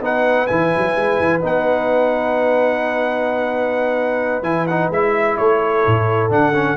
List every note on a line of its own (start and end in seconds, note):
0.00 0.47 B3
0.00 0.47 D#4
0.00 5.37 B4
0.00 0.47 F#5
0.47 0.73 E3
0.47 1.41 E4
0.47 1.40 G#5
0.76 0.95 F#3
0.95 1.19 G#3
1.19 1.42 E3
1.41 4.42 B3
1.41 4.43 D#4
1.41 4.43 F#5
4.42 4.88 E3
4.42 4.66 E4
4.42 4.66 G#5
4.66 4.92 D#4
4.66 4.90 F#5
4.90 5.36 G#3
4.90 6.29 E4
4.90 5.37 E5
5.37 5.85 A3
5.37 6.77 A4
5.37 6.30 C#5
5.85 6.29 A2
6.29 6.76 D3
6.29 6.52 D4
6.29 6.77 F#5
6.53 6.77 C#4